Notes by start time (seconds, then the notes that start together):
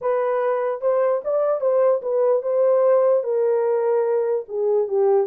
0.01 B4
0.81 C5
1.24 D5
1.60 C5
2.01 B4
2.42 C5
3.23 A#4
4.48 G#4
4.88 G4